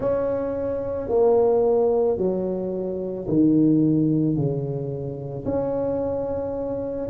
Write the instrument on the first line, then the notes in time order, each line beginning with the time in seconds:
tuba
0.00 C#4
1.09 A#3
2.17 F#3
3.28 D#3
4.35 C#3
5.45 C#4